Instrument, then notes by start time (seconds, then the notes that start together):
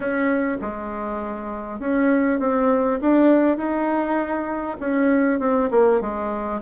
bassoon
0.00 C#4
0.61 G#3
1.79 C#4
2.39 C4
3.01 D4
3.57 D#4
4.80 C#4
5.39 C4
5.71 A#3
6.01 G#3